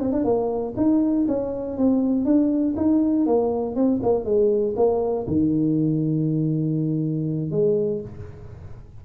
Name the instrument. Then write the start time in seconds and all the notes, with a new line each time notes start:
tuba
0.00 C4
0.12 D4
0.24 A#3
0.77 D#4
1.28 C#4
1.77 C4
2.25 D4
2.77 D#4
3.26 A#3
3.75 C4
4.02 A#3
4.25 G#3
4.76 A#3
5.27 D#3
7.51 G#3